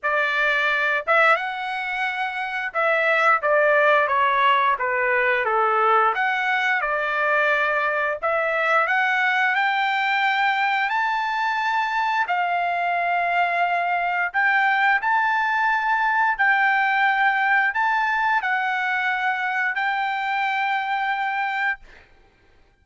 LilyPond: \new Staff \with { instrumentName = "trumpet" } { \time 4/4 \tempo 4 = 88 d''4. e''8 fis''2 | e''4 d''4 cis''4 b'4 | a'4 fis''4 d''2 | e''4 fis''4 g''2 |
a''2 f''2~ | f''4 g''4 a''2 | g''2 a''4 fis''4~ | fis''4 g''2. | }